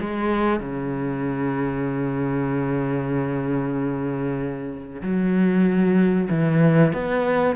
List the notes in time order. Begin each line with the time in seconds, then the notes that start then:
0.00 G#3
0.60 C#3
5.02 F#3
6.30 E3
6.93 B3